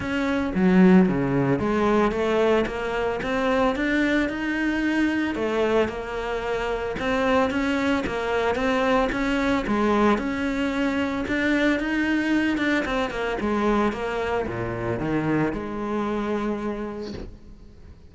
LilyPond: \new Staff \with { instrumentName = "cello" } { \time 4/4 \tempo 4 = 112 cis'4 fis4 cis4 gis4 | a4 ais4 c'4 d'4 | dis'2 a4 ais4~ | ais4 c'4 cis'4 ais4 |
c'4 cis'4 gis4 cis'4~ | cis'4 d'4 dis'4. d'8 | c'8 ais8 gis4 ais4 ais,4 | dis4 gis2. | }